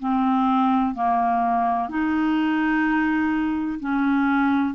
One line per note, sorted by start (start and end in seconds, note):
0.00 0.95 C4
0.95 1.89 A#3
1.89 3.80 D#4
3.80 4.75 C#4